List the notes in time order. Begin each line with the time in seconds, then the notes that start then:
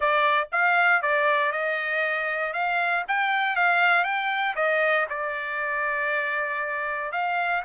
0.00 D5
0.52 F5
1.02 D5
1.52 D#5
2.53 F5
3.08 G5
3.55 F5
4.04 G5
4.55 D#5
5.09 D5
7.12 F5